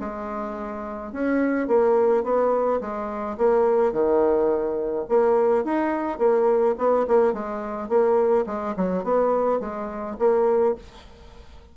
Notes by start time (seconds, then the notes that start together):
0.00 G#3
1.12 C#4
1.67 A#3
2.24 B3
2.81 G#3
3.38 A#3
3.93 D#3
5.09 A#3
5.64 D#4
6.19 A#3
6.78 B3
7.07 A#3
7.33 G#3
7.89 A#3
8.46 G#3
8.76 F#3
9.04 B3
9.60 G#3
10.19 A#3